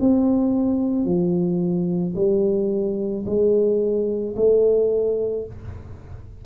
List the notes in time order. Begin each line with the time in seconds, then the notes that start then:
0.00 C4
1.05 F3
2.16 G3
3.26 G#3
4.36 A3